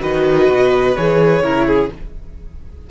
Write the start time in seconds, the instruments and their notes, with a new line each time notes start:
0.00 cello D#3, viola F#4, violin B4 D#5
0.48 cello B2
0.96 cello E3, viola G#4, violin C#5
1.41 cello C#3, viola E4, violin A#4
1.67 violin G#4